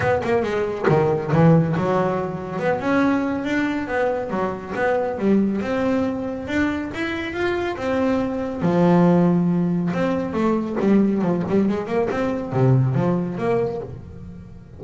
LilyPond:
\new Staff \with { instrumentName = "double bass" } { \time 4/4 \tempo 4 = 139 b8 ais8 gis4 dis4 e4 | fis2 b8 cis'4. | d'4 b4 fis4 b4 | g4 c'2 d'4 |
e'4 f'4 c'2 | f2. c'4 | a4 g4 f8 g8 gis8 ais8 | c'4 c4 f4 ais4 | }